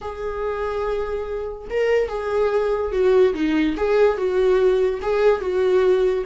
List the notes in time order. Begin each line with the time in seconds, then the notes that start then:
0.01 G#4
1.70 A#4
2.08 G#4
2.91 F#4
3.34 D#4
3.76 G#4
4.17 F#4
5.02 G#4
5.41 F#4